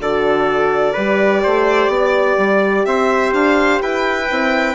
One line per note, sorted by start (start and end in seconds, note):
0.00 0.95 D3
0.00 0.95 F#4
0.00 0.93 A4
0.00 2.85 D5
0.93 1.44 G3
0.93 4.28 G4
0.93 1.41 B4
1.43 1.88 A3
1.43 1.91 C5
1.88 2.36 B3
1.88 2.87 D5
2.37 2.85 G3
2.85 3.33 C4
2.85 3.82 C5
2.85 3.33 E5
3.33 3.80 D4
3.33 3.81 F5
3.82 4.30 E4
3.82 4.75 B4
3.82 4.75 G5
4.28 4.75 C4
4.28 4.75 E4